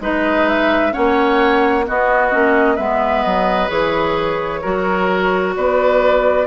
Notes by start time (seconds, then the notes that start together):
0.00 G#3 D#4 B4 D#5
0.48 E5
0.92 A#3 C#4 C#5 F#5
1.86 B3 F#4 D#5
2.31 A#3 C#4
2.75 G#3 B3 B4 E5
3.23 F#3 D#5
3.68 E3 G#4 C#5
4.62 F#3 F#4 A#4
5.56 B3 B4 D5